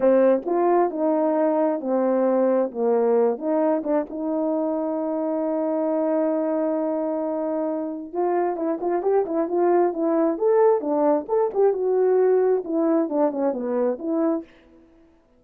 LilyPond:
\new Staff \with { instrumentName = "horn" } { \time 4/4 \tempo 4 = 133 c'4 f'4 dis'2 | c'2 ais4. dis'8~ | dis'8 d'8 dis'2.~ | dis'1~ |
dis'2 f'4 e'8 f'8 | g'8 e'8 f'4 e'4 a'4 | d'4 a'8 g'8 fis'2 | e'4 d'8 cis'8 b4 e'4 | }